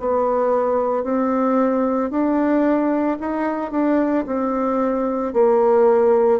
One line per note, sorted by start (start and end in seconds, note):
0.00 1.04 B3
1.04 2.10 C4
2.10 3.18 D4
3.20 3.71 D#4
3.71 4.25 D4
4.27 5.33 C4
5.33 6.40 A#3